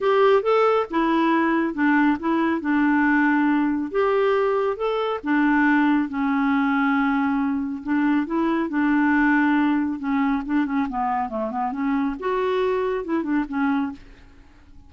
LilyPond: \new Staff \with { instrumentName = "clarinet" } { \time 4/4 \tempo 4 = 138 g'4 a'4 e'2 | d'4 e'4 d'2~ | d'4 g'2 a'4 | d'2 cis'2~ |
cis'2 d'4 e'4 | d'2. cis'4 | d'8 cis'8 b4 a8 b8 cis'4 | fis'2 e'8 d'8 cis'4 | }